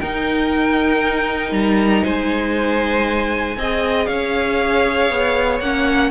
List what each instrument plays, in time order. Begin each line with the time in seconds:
0.00 viola D#4, cello D#4, violin A#4 G5
1.52 cello G3, violin A#5
2.04 cello G#3, violin C5 G#5
3.57 cello C4, viola G#4, violin D#5
4.06 cello C#4, violin C#5 F5
5.10 cello B3
5.60 cello A#3, viola C#4, violin F#5